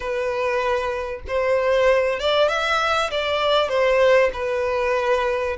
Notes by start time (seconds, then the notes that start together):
0.00 B4
1.27 C5
2.19 D5
2.48 E5
3.10 D5
3.68 C5
4.33 B4